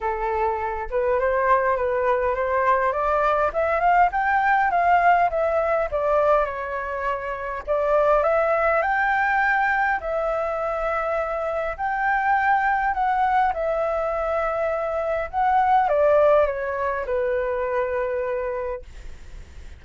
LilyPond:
\new Staff \with { instrumentName = "flute" } { \time 4/4 \tempo 4 = 102 a'4. b'8 c''4 b'4 | c''4 d''4 e''8 f''8 g''4 | f''4 e''4 d''4 cis''4~ | cis''4 d''4 e''4 g''4~ |
g''4 e''2. | g''2 fis''4 e''4~ | e''2 fis''4 d''4 | cis''4 b'2. | }